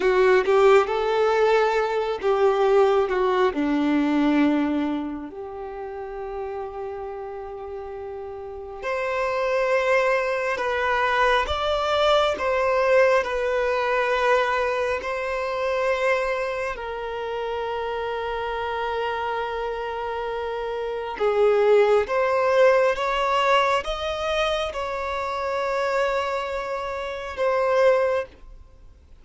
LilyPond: \new Staff \with { instrumentName = "violin" } { \time 4/4 \tempo 4 = 68 fis'8 g'8 a'4. g'4 fis'8 | d'2 g'2~ | g'2 c''2 | b'4 d''4 c''4 b'4~ |
b'4 c''2 ais'4~ | ais'1 | gis'4 c''4 cis''4 dis''4 | cis''2. c''4 | }